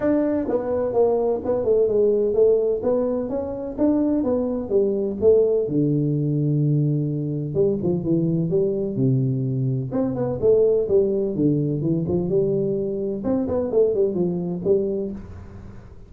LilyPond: \new Staff \with { instrumentName = "tuba" } { \time 4/4 \tempo 4 = 127 d'4 b4 ais4 b8 a8 | gis4 a4 b4 cis'4 | d'4 b4 g4 a4 | d1 |
g8 f8 e4 g4 c4~ | c4 c'8 b8 a4 g4 | d4 e8 f8 g2 | c'8 b8 a8 g8 f4 g4 | }